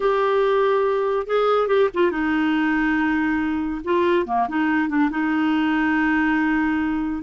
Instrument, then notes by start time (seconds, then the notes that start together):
clarinet
0.00 G4
1.26 G#4
1.67 G4
1.94 F4
2.11 D#4
3.84 F4
4.26 A#3
4.48 D#4
4.88 D4
5.10 D#4